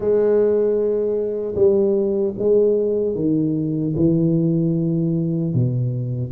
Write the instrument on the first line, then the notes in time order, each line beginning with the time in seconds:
tuba
0.00 G#3
1.55 G3
2.38 G#3
3.15 D#3
3.96 E3
5.54 B2